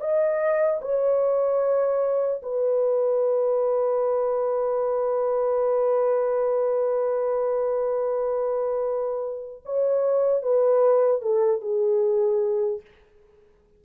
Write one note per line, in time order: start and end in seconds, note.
0.00 0.80 D#5
0.81 2.41 C#5
2.42 9.62 B4
9.65 10.42 C#5
10.42 11.21 B4
11.21 11.61 A4
11.61 12.81 G#4